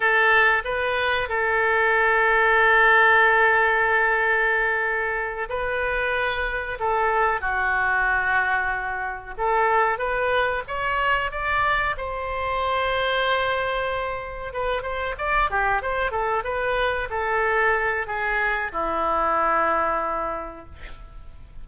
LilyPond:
\new Staff \with { instrumentName = "oboe" } { \time 4/4 \tempo 4 = 93 a'4 b'4 a'2~ | a'1~ | a'8 b'2 a'4 fis'8~ | fis'2~ fis'8 a'4 b'8~ |
b'8 cis''4 d''4 c''4.~ | c''2~ c''8 b'8 c''8 d''8 | g'8 c''8 a'8 b'4 a'4. | gis'4 e'2. | }